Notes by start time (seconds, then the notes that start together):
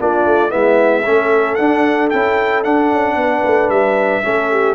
0.00 A#3 D4 F4 D5
0.26 A3
0.50 G#3 B3 E4 E5
1.05 A3 C#4 A4
1.55 D4 F#5
2.10 C#4 E4 G5
2.64 D4 F#5
2.92 C#4
3.16 B3 B4
3.45 A3
3.70 G3 E5
4.23 A3 C#4 A4
4.51 G4